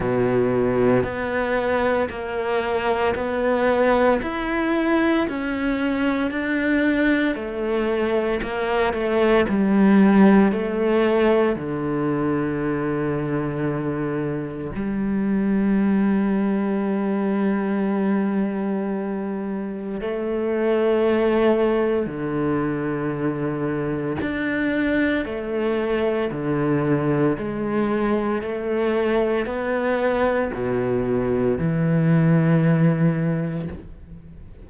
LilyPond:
\new Staff \with { instrumentName = "cello" } { \time 4/4 \tempo 4 = 57 b,4 b4 ais4 b4 | e'4 cis'4 d'4 a4 | ais8 a8 g4 a4 d4~ | d2 g2~ |
g2. a4~ | a4 d2 d'4 | a4 d4 gis4 a4 | b4 b,4 e2 | }